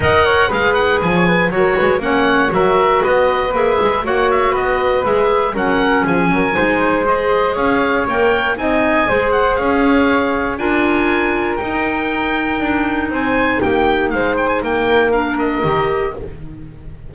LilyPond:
<<
  \new Staff \with { instrumentName = "oboe" } { \time 4/4 \tempo 4 = 119 fis''4 f''8 fis''8 gis''4 cis''4 | fis''4 e''4 dis''4 e''4 | fis''8 e''8 dis''4 e''4 fis''4 | gis''2 dis''4 f''4 |
g''4 gis''4. fis''8 f''4~ | f''4 gis''2 g''4~ | g''2 gis''4 g''4 | f''8 g''16 gis''16 g''4 f''8 dis''4. | }
  \new Staff \with { instrumentName = "flute" } { \time 4/4 dis''8 cis''8 b'4~ b'16 cis''16 b'8 ais'8 b'8 | cis''4 ais'4 b'2 | cis''4 b'2 ais'4 | gis'8 ais'8 c''2 cis''4~ |
cis''4 dis''4 c''4 cis''4~ | cis''4 ais'2.~ | ais'2 c''4 g'4 | c''4 ais'2. | }
  \new Staff \with { instrumentName = "clarinet" } { \time 4/4 ais'4 gis'2 fis'4 | cis'4 fis'2 gis'4 | fis'2 gis'4 cis'4~ | cis'4 dis'4 gis'2 |
ais'4 dis'4 gis'2~ | gis'4 f'2 dis'4~ | dis'1~ | dis'2 d'4 g'4 | }
  \new Staff \with { instrumentName = "double bass" } { \time 4/4 dis'4 gis4 f4 fis8 gis8 | ais4 fis4 b4 ais8 gis8 | ais4 b4 gis4 fis4 | f8 fis8 gis2 cis'4 |
ais4 c'4 gis4 cis'4~ | cis'4 d'2 dis'4~ | dis'4 d'4 c'4 ais4 | gis4 ais2 dis4 | }
>>